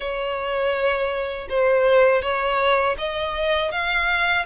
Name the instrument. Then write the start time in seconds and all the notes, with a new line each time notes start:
violin
0.00 C#5
1.49 C5
2.22 C#5
2.98 D#5
3.71 F5